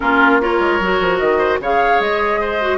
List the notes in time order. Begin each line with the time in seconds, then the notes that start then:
0.00 A#3 C#4 F4 A#4
0.40 F4 A#4 C#5
0.59 G#3
0.79 F#3 F#4
1.00 F3
1.18 D#3 D#5
1.38 C5
1.59 C#3 G#4 C#5 F5
1.99 G#3 D#5
2.40 C5
2.61 F#4